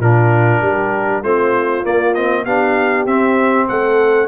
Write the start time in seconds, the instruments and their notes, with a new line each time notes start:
0.00 tuba A#2, trombone D4, horn F4, trumpet A#4
0.61 tuba G3, horn G4
1.23 tuba A3, trombone C4, horn F4, trumpet C5
1.84 trombone A#3, tuba A#3, trumpet D5
2.15 trombone C4, trumpet D#5
2.45 tuba B3, trombone D4, horn G4, trumpet F5
3.07 tuba C4, trombone C4, trumpet E5
3.69 tuba A3, horn A4, trumpet F#5